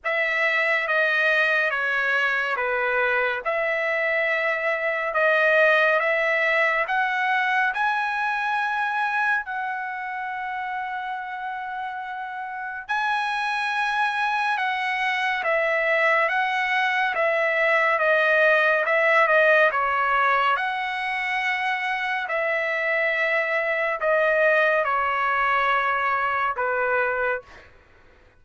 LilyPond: \new Staff \with { instrumentName = "trumpet" } { \time 4/4 \tempo 4 = 70 e''4 dis''4 cis''4 b'4 | e''2 dis''4 e''4 | fis''4 gis''2 fis''4~ | fis''2. gis''4~ |
gis''4 fis''4 e''4 fis''4 | e''4 dis''4 e''8 dis''8 cis''4 | fis''2 e''2 | dis''4 cis''2 b'4 | }